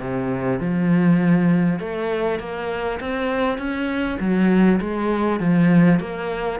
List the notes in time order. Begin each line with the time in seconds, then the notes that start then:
0.00 C3
0.60 F3
1.79 A3
2.39 A#3
3.00 C4
3.58 C#4
4.20 F#3
4.81 G#3
5.40 F3
6.00 A#3